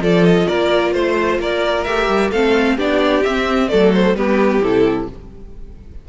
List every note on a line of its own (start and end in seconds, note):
0.00 0.46 F3
0.00 1.86 F4
0.00 0.47 A4
0.00 0.25 D5
0.25 0.47 D#5
0.47 0.94 A#3
0.47 0.93 A#4
0.47 0.93 D5
0.93 1.39 A3
0.93 1.39 C5
0.93 1.41 C5
1.39 1.85 A#3
1.39 2.31 A#4
1.39 1.84 D5
1.84 2.08 A3
1.84 2.33 G4
1.84 2.30 E5
2.08 2.31 G3
2.31 2.78 A3
2.31 2.77 C4
2.31 2.76 A4
2.31 2.77 F5
2.76 3.24 B3
2.76 3.24 D4
2.76 3.69 G4
2.76 3.23 D5
3.23 3.72 C4
3.23 3.69 C4
3.23 3.68 E5
3.68 4.15 F#3
3.68 4.15 A3
3.68 4.17 A4
3.68 3.91 D5
3.93 4.16 C5
4.15 4.61 G3
4.15 4.62 B3
4.15 5.09 G4
4.15 4.62 B4
4.62 5.08 C3
4.62 5.09 E4
4.62 5.08 A4